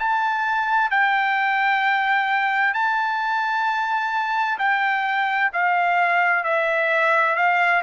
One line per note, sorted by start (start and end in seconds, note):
0.00 0.91 A5
0.91 2.74 G5
2.74 4.59 A5
4.59 5.51 G5
5.53 6.44 F5
6.44 7.36 E5
7.36 7.83 F5